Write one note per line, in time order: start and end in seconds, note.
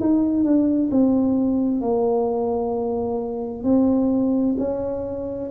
0.00 0.44 D#4
0.44 0.90 D4
0.91 1.81 C4
1.81 3.64 A#3
3.64 4.56 C4
4.58 5.50 C#4